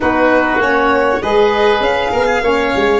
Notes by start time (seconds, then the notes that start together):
0.00 B3 D#4 F#4 B4
0.56 A#3 C#4 C#5
1.21 G#3 G#4 B4 D#5
1.80 C#4 F5
2.11 B3 A#4
2.26 G#4
2.41 A#3 C#4 C#5
2.76 G#3